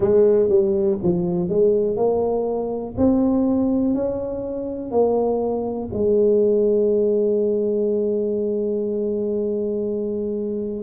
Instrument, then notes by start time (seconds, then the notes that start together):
tuba
0.00 G#3
0.49 G3
1.02 F3
1.49 G#3
1.96 A#3
2.97 C4
3.94 C#4
4.91 A#3
5.93 G#3